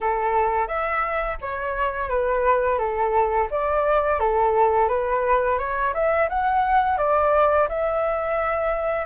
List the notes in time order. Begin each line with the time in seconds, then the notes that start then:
0.00 A4
0.67 E5
1.41 C#5
2.09 B4
2.78 A4
3.50 D5
4.19 A4
4.88 B4
5.58 C#5
5.94 E5
6.29 F#5
6.97 D5
7.68 E5